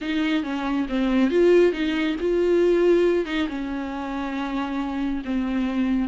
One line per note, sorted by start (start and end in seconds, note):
0.01 0.43 D#4
0.43 0.86 C#4
0.88 1.30 C4
1.30 1.72 F4
1.72 2.15 D#4
2.20 3.25 F4
3.25 3.47 D#4
3.48 5.22 C#4
5.24 6.08 C4